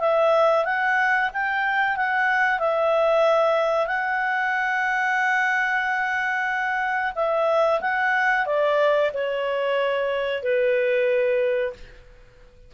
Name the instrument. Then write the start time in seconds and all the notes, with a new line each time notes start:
clarinet
0.00 E5
0.65 F#5
1.33 G5
1.97 F#5
2.59 E5
3.87 F#5
7.16 E5
7.81 F#5
8.46 D5
9.14 C#5
10.43 B4